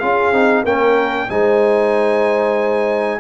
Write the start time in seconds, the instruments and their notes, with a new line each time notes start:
0.00 tuba C#4, trombone F4, horn G#4, trumpet F5
0.33 tuba C4, trombone D#4
0.64 tuba A#3, trombone C#4, horn A#4, trumpet G5
1.30 tuba G#3, trombone D#4, horn C5, trumpet G#5